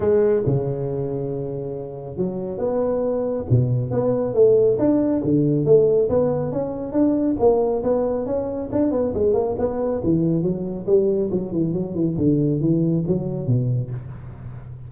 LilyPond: \new Staff \with { instrumentName = "tuba" } { \time 4/4 \tempo 4 = 138 gis4 cis2.~ | cis4 fis4 b2 | b,4 b4 a4 d'4 | d4 a4 b4 cis'4 |
d'4 ais4 b4 cis'4 | d'8 b8 gis8 ais8 b4 e4 | fis4 g4 fis8 e8 fis8 e8 | d4 e4 fis4 b,4 | }